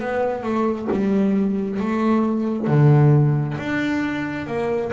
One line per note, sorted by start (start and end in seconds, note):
0.00 0.43 B3
0.43 0.88 A3
0.92 1.80 G3
1.80 2.67 A3
2.67 3.57 D3
3.58 4.47 D4
4.47 4.92 A#3